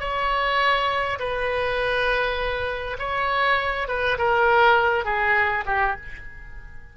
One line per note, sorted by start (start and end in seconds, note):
0.00 1.19 C#5
1.19 2.98 B4
2.99 3.88 C#5
3.88 4.18 B4
4.18 5.05 A#4
5.05 5.65 G#4
5.67 5.96 G4